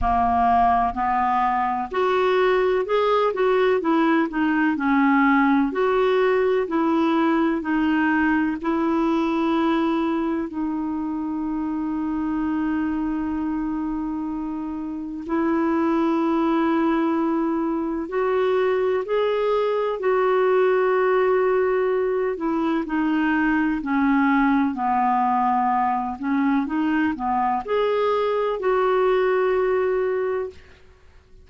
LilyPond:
\new Staff \with { instrumentName = "clarinet" } { \time 4/4 \tempo 4 = 63 ais4 b4 fis'4 gis'8 fis'8 | e'8 dis'8 cis'4 fis'4 e'4 | dis'4 e'2 dis'4~ | dis'1 |
e'2. fis'4 | gis'4 fis'2~ fis'8 e'8 | dis'4 cis'4 b4. cis'8 | dis'8 b8 gis'4 fis'2 | }